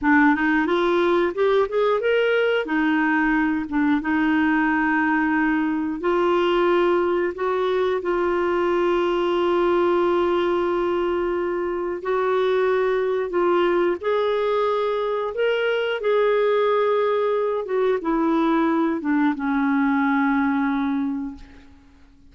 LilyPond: \new Staff \with { instrumentName = "clarinet" } { \time 4/4 \tempo 4 = 90 d'8 dis'8 f'4 g'8 gis'8 ais'4 | dis'4. d'8 dis'2~ | dis'4 f'2 fis'4 | f'1~ |
f'2 fis'2 | f'4 gis'2 ais'4 | gis'2~ gis'8 fis'8 e'4~ | e'8 d'8 cis'2. | }